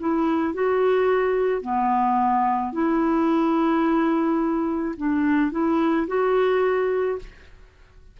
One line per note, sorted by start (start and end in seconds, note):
0.00 0.54 E4
0.54 1.62 F#4
1.62 2.73 B3
2.73 4.95 E4
4.97 5.52 D4
5.52 6.07 E4
6.08 7.19 F#4